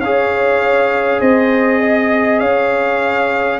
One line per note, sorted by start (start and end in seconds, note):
0.00 1.20 C#4
0.00 3.60 G#4
0.00 1.21 C#5
0.00 1.20 F5
1.21 2.41 C4
1.21 1.80 C5
1.21 2.39 D#5
1.80 2.40 D#5
2.39 3.60 C#4
2.39 3.60 C#5
2.39 3.59 F5